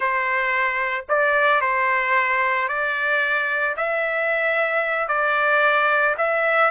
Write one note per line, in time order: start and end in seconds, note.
0.00 1.05 C5
1.08 1.61 D5
1.61 2.68 C5
2.68 3.75 D5
3.76 5.08 E5
5.08 6.15 D5
6.17 6.70 E5